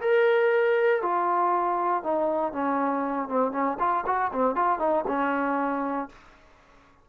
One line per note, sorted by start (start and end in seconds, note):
0.00 1.02 A#4
1.02 2.03 F4
2.03 2.52 D#4
2.52 3.28 C#4
3.28 3.52 C4
3.52 3.77 C#4
3.79 4.04 F4
4.06 4.31 F#4
4.32 4.55 C4
4.55 4.79 F4
4.79 5.04 D#4
5.07 6.09 C#4